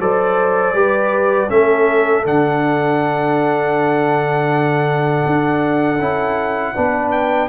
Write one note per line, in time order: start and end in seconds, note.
0.00 0.74 F#3
0.00 0.75 A4
0.00 0.76 C5
0.00 1.50 D5
0.74 1.49 G3
0.74 1.49 G4
0.74 1.51 B4
1.49 2.26 A3
1.49 2.24 C#4
1.49 6.75 A4
1.49 2.25 E5
2.25 5.26 D3
2.25 6.00 D4
2.25 7.12 F#5
5.26 6.00 D4
6.00 6.75 C#4
6.00 6.75 E4
6.75 7.49 B3
6.75 7.49 D4
6.75 7.49 B4
7.12 7.49 G5